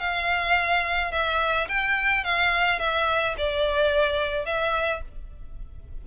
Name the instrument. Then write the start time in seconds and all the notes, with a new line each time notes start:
violin
0.00 F5
1.12 E5
1.69 G5
2.25 F5
2.80 E5
3.38 D5
4.46 E5